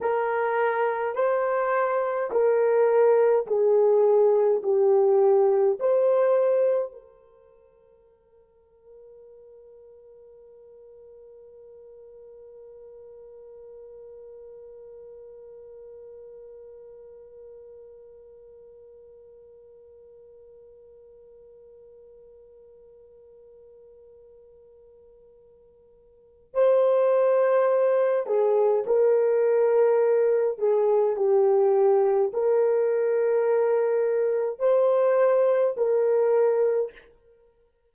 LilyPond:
\new Staff \with { instrumentName = "horn" } { \time 4/4 \tempo 4 = 52 ais'4 c''4 ais'4 gis'4 | g'4 c''4 ais'2~ | ais'1~ | ais'1~ |
ais'1~ | ais'2. c''4~ | c''8 gis'8 ais'4. gis'8 g'4 | ais'2 c''4 ais'4 | }